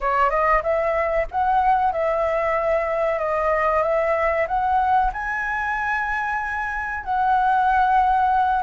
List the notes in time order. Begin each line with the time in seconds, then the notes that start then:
0.00 C#5
0.30 D#5
0.62 E5
1.31 F#5
1.92 E5
3.19 D#5
3.82 E5
4.47 F#5
5.12 G#5
7.04 F#5